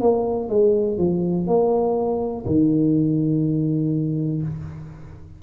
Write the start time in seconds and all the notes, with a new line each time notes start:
0.00 A#3
0.49 G#3
0.97 F3
1.47 A#3
2.45 D#3